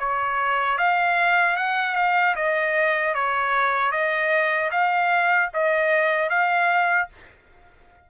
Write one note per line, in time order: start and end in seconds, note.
0.00 0.78 C#5
0.78 1.57 F5
1.57 1.96 F#5
1.96 2.35 F5
2.36 3.15 D#5
3.15 3.92 C#5
3.92 4.71 D#5
4.72 5.50 F5
5.54 6.30 D#5
6.30 7.09 F5